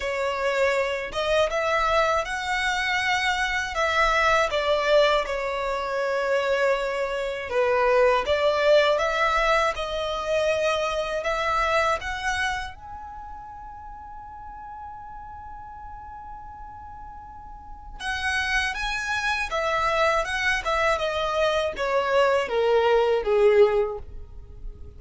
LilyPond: \new Staff \with { instrumentName = "violin" } { \time 4/4 \tempo 4 = 80 cis''4. dis''8 e''4 fis''4~ | fis''4 e''4 d''4 cis''4~ | cis''2 b'4 d''4 | e''4 dis''2 e''4 |
fis''4 gis''2.~ | gis''1 | fis''4 gis''4 e''4 fis''8 e''8 | dis''4 cis''4 ais'4 gis'4 | }